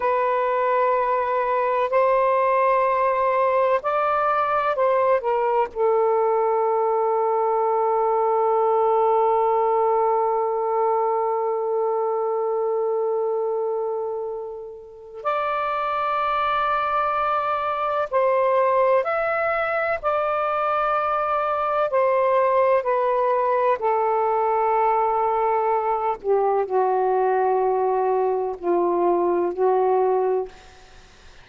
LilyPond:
\new Staff \with { instrumentName = "saxophone" } { \time 4/4 \tempo 4 = 63 b'2 c''2 | d''4 c''8 ais'8 a'2~ | a'1~ | a'1 |
d''2. c''4 | e''4 d''2 c''4 | b'4 a'2~ a'8 g'8 | fis'2 f'4 fis'4 | }